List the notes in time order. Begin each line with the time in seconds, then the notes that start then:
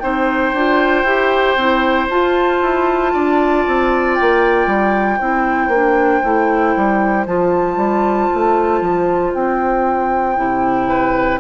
0.00 C4 D#4 C5 G5
0.53 D4 F4
1.04 E4 G4
1.56 C4 E4
2.10 F4 A5
2.62 E4
3.14 D4 D5
3.67 C4
4.15 G5
4.21 A#3
4.67 G3
5.19 C4 E4 C5
5.68 A#3 D4
6.24 A3 E4
6.77 G3
7.27 F3 F4 A5
7.77 G3
8.34 A3
8.81 F3
9.34 C4 G5
10.37 C3 E4
10.89 B4